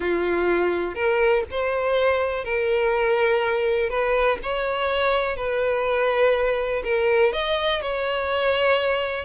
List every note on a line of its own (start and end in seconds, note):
0.00 0.94 F4
0.94 1.43 A#4
1.51 2.44 C5
2.44 3.89 A#4
3.89 4.38 B4
4.42 5.36 C#5
5.36 6.82 B4
6.83 7.32 A#4
7.33 7.81 D#5
7.81 9.24 C#5